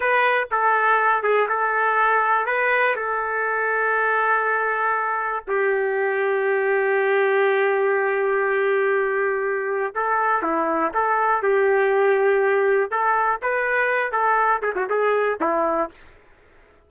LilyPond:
\new Staff \with { instrumentName = "trumpet" } { \time 4/4 \tempo 4 = 121 b'4 a'4. gis'8 a'4~ | a'4 b'4 a'2~ | a'2. g'4~ | g'1~ |
g'1 | a'4 e'4 a'4 g'4~ | g'2 a'4 b'4~ | b'8 a'4 gis'16 fis'16 gis'4 e'4 | }